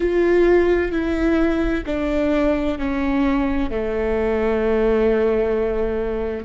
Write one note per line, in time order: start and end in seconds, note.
0.00 0.91 F4
0.91 1.83 E4
1.85 2.78 D4
2.78 3.70 C#4
3.70 6.45 A3